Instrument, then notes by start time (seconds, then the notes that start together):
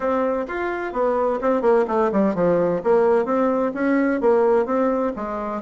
bassoon
0.00 C4
0.47 F4
0.92 B3
1.41 C4
1.61 A#3
1.87 A3
2.12 G3
2.34 F3
2.83 A#3
3.25 C4
3.74 C#4
4.20 A#3
4.65 C4
5.16 G#3